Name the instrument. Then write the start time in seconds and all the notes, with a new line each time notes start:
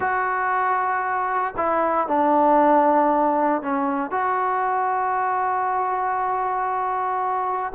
trombone
0.00 F#4
1.56 E4
2.07 D4
3.61 C#4
4.11 F#4